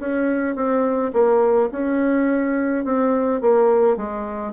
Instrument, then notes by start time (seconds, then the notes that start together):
bassoon
0.00 C#4
0.56 C4
1.13 A#3
1.72 C#4
2.85 C4
3.41 A#3
3.97 G#3